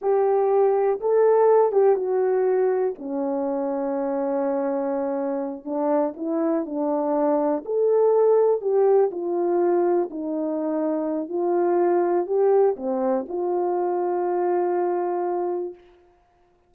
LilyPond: \new Staff \with { instrumentName = "horn" } { \time 4/4 \tempo 4 = 122 g'2 a'4. g'8 | fis'2 cis'2~ | cis'2.~ cis'8 d'8~ | d'8 e'4 d'2 a'8~ |
a'4. g'4 f'4.~ | f'8 dis'2~ dis'8 f'4~ | f'4 g'4 c'4 f'4~ | f'1 | }